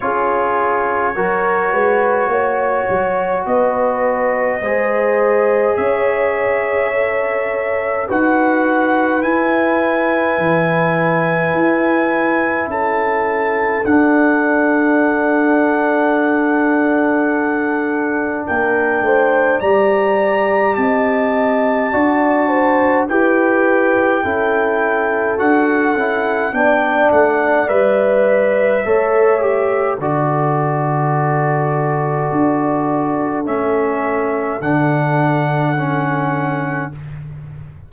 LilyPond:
<<
  \new Staff \with { instrumentName = "trumpet" } { \time 4/4 \tempo 4 = 52 cis''2. dis''4~ | dis''4 e''2 fis''4 | gis''2. a''4 | fis''1 |
g''4 ais''4 a''2 | g''2 fis''4 g''8 fis''8 | e''2 d''2~ | d''4 e''4 fis''2 | }
  \new Staff \with { instrumentName = "horn" } { \time 4/4 gis'4 ais'8 b'8 cis''4 b'4 | c''4 cis''2 b'4~ | b'2. a'4~ | a'1 |
ais'8 c''8 d''4 dis''4 d''8 c''8 | b'4 a'2 d''4~ | d''4 cis''4 a'2~ | a'1 | }
  \new Staff \with { instrumentName = "trombone" } { \time 4/4 f'4 fis'2. | gis'2 a'4 fis'4 | e'1 | d'1~ |
d'4 g'2 fis'4 | g'4 e'4 fis'8 e'8 d'4 | b'4 a'8 g'8 fis'2~ | fis'4 cis'4 d'4 cis'4 | }
  \new Staff \with { instrumentName = "tuba" } { \time 4/4 cis'4 fis8 gis8 ais8 fis8 b4 | gis4 cis'2 dis'4 | e'4 e4 e'4 cis'4 | d'1 |
ais8 a8 g4 c'4 d'4 | e'4 cis'4 d'8 cis'8 b8 a8 | g4 a4 d2 | d'4 a4 d2 | }
>>